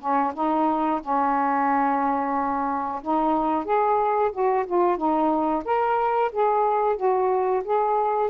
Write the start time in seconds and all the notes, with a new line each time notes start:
0.00 C#4
0.35 D#4
1.02 C#4
3.02 D#4
3.65 G#4
4.32 F#4
4.67 F4
4.97 D#4
5.65 A#4
6.32 G#4
6.97 F#4
7.65 G#4